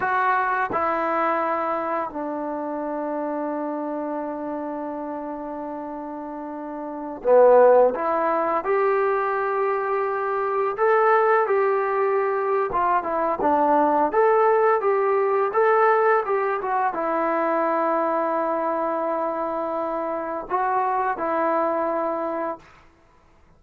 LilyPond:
\new Staff \with { instrumentName = "trombone" } { \time 4/4 \tempo 4 = 85 fis'4 e'2 d'4~ | d'1~ | d'2~ d'16 b4 e'8.~ | e'16 g'2. a'8.~ |
a'16 g'4.~ g'16 f'8 e'8 d'4 | a'4 g'4 a'4 g'8 fis'8 | e'1~ | e'4 fis'4 e'2 | }